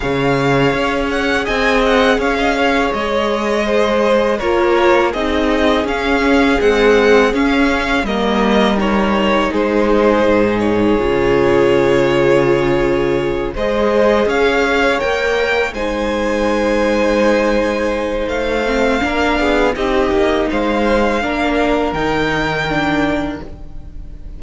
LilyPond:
<<
  \new Staff \with { instrumentName = "violin" } { \time 4/4 \tempo 4 = 82 f''4. fis''8 gis''8 fis''8 f''4 | dis''2 cis''4 dis''4 | f''4 fis''4 f''4 dis''4 | cis''4 c''4. cis''4.~ |
cis''2~ cis''8 dis''4 f''8~ | f''8 g''4 gis''2~ gis''8~ | gis''4 f''2 dis''4 | f''2 g''2 | }
  \new Staff \with { instrumentName = "violin" } { \time 4/4 cis''2 dis''4 cis''16 dis''16 cis''8~ | cis''4 c''4 ais'4 gis'4~ | gis'2. ais'4~ | ais'4 gis'2.~ |
gis'2~ gis'8 c''4 cis''8~ | cis''4. c''2~ c''8~ | c''2 ais'8 gis'8 g'4 | c''4 ais'2. | }
  \new Staff \with { instrumentName = "viola" } { \time 4/4 gis'1~ | gis'2 f'4 dis'4 | cis'4 gis4 cis'4 ais4 | dis'2. f'4~ |
f'2~ f'8 gis'4.~ | gis'8 ais'4 dis'2~ dis'8~ | dis'4. c'8 d'4 dis'4~ | dis'4 d'4 dis'4 d'4 | }
  \new Staff \with { instrumentName = "cello" } { \time 4/4 cis4 cis'4 c'4 cis'4 | gis2 ais4 c'4 | cis'4 c'4 cis'4 g4~ | g4 gis4 gis,4 cis4~ |
cis2~ cis8 gis4 cis'8~ | cis'8 ais4 gis2~ gis8~ | gis4 a4 ais8 b8 c'8 ais8 | gis4 ais4 dis2 | }
>>